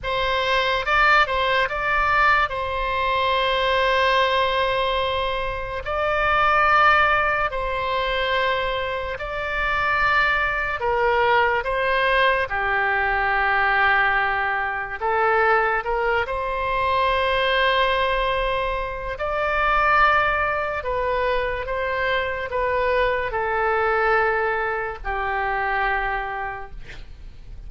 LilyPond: \new Staff \with { instrumentName = "oboe" } { \time 4/4 \tempo 4 = 72 c''4 d''8 c''8 d''4 c''4~ | c''2. d''4~ | d''4 c''2 d''4~ | d''4 ais'4 c''4 g'4~ |
g'2 a'4 ais'8 c''8~ | c''2. d''4~ | d''4 b'4 c''4 b'4 | a'2 g'2 | }